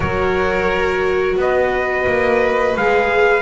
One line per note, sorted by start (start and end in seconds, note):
0.00 1.36 F#3
0.00 2.75 F#4
0.00 1.37 A#4
0.00 1.37 C#5
1.36 2.05 B3
1.36 3.41 B4
1.36 2.77 D#5
2.06 2.75 A#3
2.76 3.41 G#3
2.76 3.41 G#4
2.76 3.41 F5